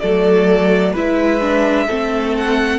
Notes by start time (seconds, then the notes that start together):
0.00 F#3 A3 A4 D5
0.93 G#3 E4 B4 E5
1.41 D4
1.87 A3 C4 A4
2.37 F#5